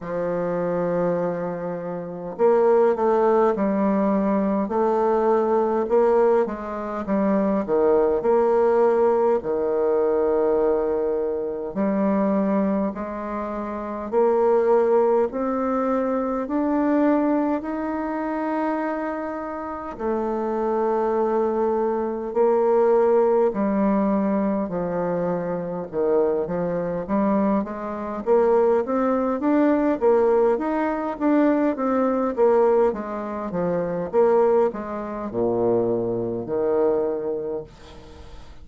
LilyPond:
\new Staff \with { instrumentName = "bassoon" } { \time 4/4 \tempo 4 = 51 f2 ais8 a8 g4 | a4 ais8 gis8 g8 dis8 ais4 | dis2 g4 gis4 | ais4 c'4 d'4 dis'4~ |
dis'4 a2 ais4 | g4 f4 dis8 f8 g8 gis8 | ais8 c'8 d'8 ais8 dis'8 d'8 c'8 ais8 | gis8 f8 ais8 gis8 ais,4 dis4 | }